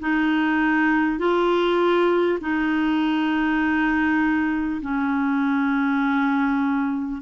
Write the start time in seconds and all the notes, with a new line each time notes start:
0.00 D#4
1.19 F4
2.41 D#4
4.82 C#4